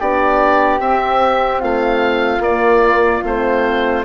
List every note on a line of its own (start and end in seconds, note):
0.00 0.80 B3
0.00 0.83 D4
0.00 1.60 G4
0.00 0.81 D5
0.80 1.61 C4
0.80 2.43 C4
0.80 1.62 E5
1.60 2.40 A3
1.60 4.04 F4
1.60 2.43 F5
2.40 3.21 A#3
2.40 3.24 A#3
2.40 3.24 D5
3.24 4.05 A3
3.24 4.05 C4
3.24 4.05 C5